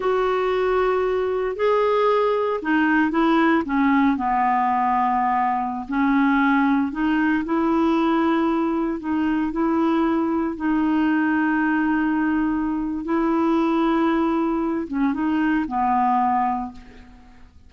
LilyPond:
\new Staff \with { instrumentName = "clarinet" } { \time 4/4 \tempo 4 = 115 fis'2. gis'4~ | gis'4 dis'4 e'4 cis'4 | b2.~ b16 cis'8.~ | cis'4~ cis'16 dis'4 e'4.~ e'16~ |
e'4~ e'16 dis'4 e'4.~ e'16~ | e'16 dis'2.~ dis'8.~ | dis'4 e'2.~ | e'8 cis'8 dis'4 b2 | }